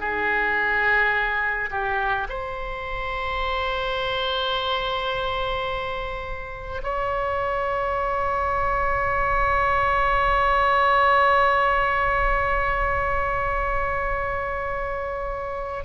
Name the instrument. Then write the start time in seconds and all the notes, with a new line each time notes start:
oboe
0.00 G#4
1.71 G4
2.29 C5
6.83 C#5